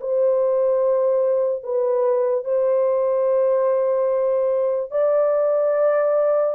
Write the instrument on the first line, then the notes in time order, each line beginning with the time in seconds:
horn
0.00 C5
1.63 B4
2.45 C5
4.91 D5